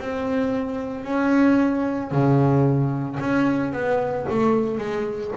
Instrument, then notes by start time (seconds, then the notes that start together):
double bass
0.00 C4
1.04 C#4
2.11 C#3
3.20 C#4
3.73 B3
4.30 A3
4.78 G#3